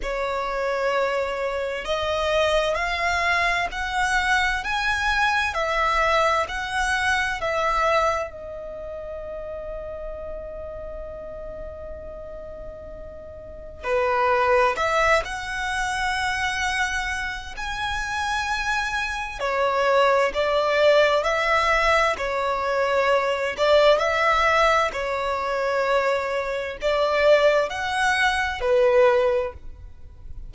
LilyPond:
\new Staff \with { instrumentName = "violin" } { \time 4/4 \tempo 4 = 65 cis''2 dis''4 f''4 | fis''4 gis''4 e''4 fis''4 | e''4 dis''2.~ | dis''2. b'4 |
e''8 fis''2~ fis''8 gis''4~ | gis''4 cis''4 d''4 e''4 | cis''4. d''8 e''4 cis''4~ | cis''4 d''4 fis''4 b'4 | }